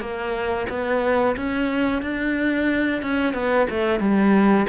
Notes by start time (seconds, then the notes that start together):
0.00 A#3
0.69 B3
1.36 C#4
2.02 D4
3.02 C#4
3.33 B3
3.70 A3
3.99 G3